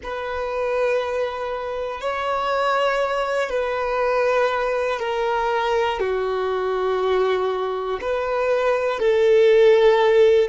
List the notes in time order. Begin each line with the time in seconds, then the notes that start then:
0.03 B4
2.00 C#5
3.49 B4
5.00 A#4
6.00 F#4
8.00 B4
9.00 A4